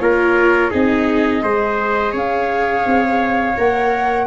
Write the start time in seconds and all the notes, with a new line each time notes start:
0.00 A#3 F4 A#4 C#5
0.71 C4 D#4 G#4 D#5
1.42 G#3 G#4 C5
2.12 C#4 C#5 F5
2.86 C4
3.57 A#3 A#4 F#5